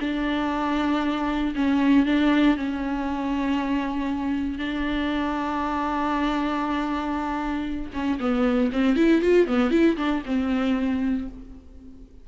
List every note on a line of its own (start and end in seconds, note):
0.00 1.54 D4
1.55 2.06 C#4
2.06 2.57 D4
2.57 4.58 C#4
4.58 7.92 D4
7.93 8.19 C#4
8.19 8.71 B3
8.72 8.96 C4
8.96 9.22 E4
9.22 9.47 F4
9.47 9.71 B3
9.71 9.97 E4
9.97 10.22 D4
10.25 11.28 C4